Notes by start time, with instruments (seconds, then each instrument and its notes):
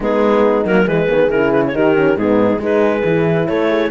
0.00 cello G#3, horn B3 D#4, clarinet G#4
0.64 cello F#3, horn A#3, clarinet A#4
0.85 cello E3, horn G#3 G#4, clarinet B4
1.08 cello D#3, horn B3
1.29 cello C#3, horn E4, clarinet A#4
1.52 clarinet B4
1.67 horn D#4, clarinet C#5
1.74 cello D#3, horn G4, clarinet A#4
1.95 horn C#4
2.16 cello G#2, horn B3 D#4, clarinet G#4
2.59 cello G#3, horn D#4 G#4, clarinet B4
3.04 cello E3, horn E4
3.47 cello A3, horn A4, clarinet C#5
3.68 horn G#4